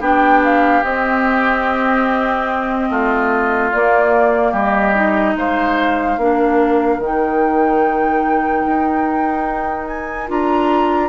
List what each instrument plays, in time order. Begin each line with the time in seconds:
0.00 bassoon B3, clarinet D4, oboe G4, flute G5
0.44 flute F5
0.84 bassoon C4, clarinet C4, flute D#5
2.90 bassoon A3, oboe F4
3.72 clarinet A#3, bassoon A#3, flute D5
4.52 bassoon G3, oboe G4, flute D#5
4.95 clarinet D#4
5.35 bassoon G#3, oboe C5, flute F5
6.17 bassoon A#3, clarinet D4, oboe A#4
6.99 bassoon D#3, clarinet D#4, flute G5
8.67 bassoon D#4
9.87 flute G#5
10.28 bassoon D4, clarinet F4, flute A#5